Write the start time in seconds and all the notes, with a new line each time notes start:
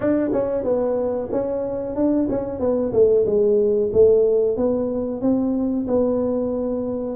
0.00 D4
0.32 C#4
0.63 B3
1.31 C#4
1.95 D4
2.29 C#4
2.59 B3
2.92 A3
3.25 G#3
3.92 A3
4.57 B3
5.21 C4
5.87 B3